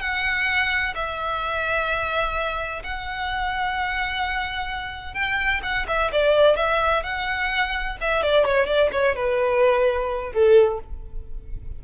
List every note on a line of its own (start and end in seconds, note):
0.00 0.94 F#5
0.95 2.82 E5
2.83 5.14 F#5
5.14 5.61 G5
5.62 5.86 F#5
5.88 6.11 E5
6.12 6.56 D5
6.56 7.03 E5
7.03 7.97 F#5
8.01 8.23 E5
8.23 8.45 D5
8.45 8.66 C#5
8.66 8.90 D5
8.92 9.15 C#5
9.16 10.33 B4
10.33 10.80 A4